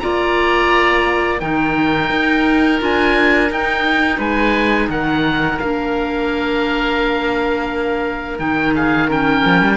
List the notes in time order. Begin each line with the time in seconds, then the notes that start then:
0.00 A#3 F4 D5 A#5
1.39 D#3 D#4 A#4 G5
2.11 D#4
2.79 D4 F4 G#5
3.51 D#4 G5
4.18 G#3 B4 G#5
4.89 D#3 A#4 F#5
5.60 A#3 D4 F5
8.39 D#3 D#4 G5
8.75 G#4 F5
9.08 C#4 A#4 G5
9.45 F3
9.61 G3